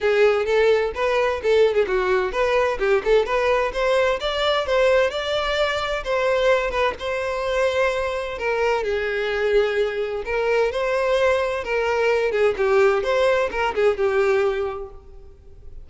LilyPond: \new Staff \with { instrumentName = "violin" } { \time 4/4 \tempo 4 = 129 gis'4 a'4 b'4 a'8. gis'16 | fis'4 b'4 g'8 a'8 b'4 | c''4 d''4 c''4 d''4~ | d''4 c''4. b'8 c''4~ |
c''2 ais'4 gis'4~ | gis'2 ais'4 c''4~ | c''4 ais'4. gis'8 g'4 | c''4 ais'8 gis'8 g'2 | }